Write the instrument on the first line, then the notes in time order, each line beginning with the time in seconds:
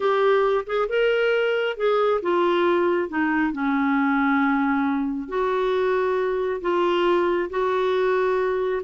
clarinet
0.00 G4
0.66 G#4
0.88 A#4
1.76 G#4
2.22 F4
3.08 D#4
3.52 C#4
5.28 F#4
6.61 F4
7.50 F#4